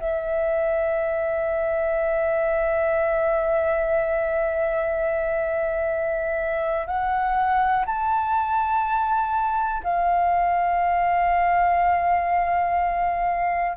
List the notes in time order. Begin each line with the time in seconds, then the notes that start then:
0.00 E5
6.87 F#5
7.86 A5
9.84 F5